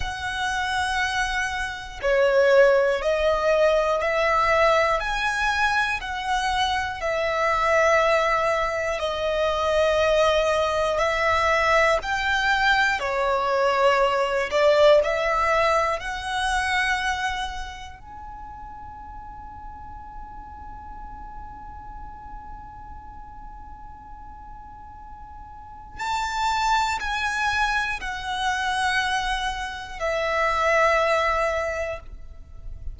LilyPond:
\new Staff \with { instrumentName = "violin" } { \time 4/4 \tempo 4 = 60 fis''2 cis''4 dis''4 | e''4 gis''4 fis''4 e''4~ | e''4 dis''2 e''4 | g''4 cis''4. d''8 e''4 |
fis''2 gis''2~ | gis''1~ | gis''2 a''4 gis''4 | fis''2 e''2 | }